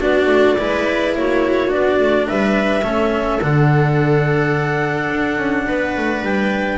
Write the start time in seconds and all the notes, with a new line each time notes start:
0.00 B3 D4 F#4 D5
0.26 A3
0.58 G#3 E4 B4
1.15 A#3 F#4 C#5
1.68 B3 D4 D5
1.99 A3
2.27 G3 B4 E5
2.83 A3 C#4 A4
3.41 D3 D4 F#5
5.10 D4
5.37 C#4
5.67 B3 B4
5.96 A3
6.22 G3 G5